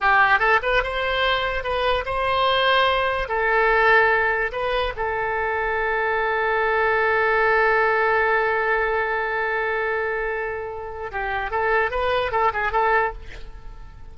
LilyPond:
\new Staff \with { instrumentName = "oboe" } { \time 4/4 \tempo 4 = 146 g'4 a'8 b'8 c''2 | b'4 c''2. | a'2. b'4 | a'1~ |
a'1~ | a'1~ | a'2. g'4 | a'4 b'4 a'8 gis'8 a'4 | }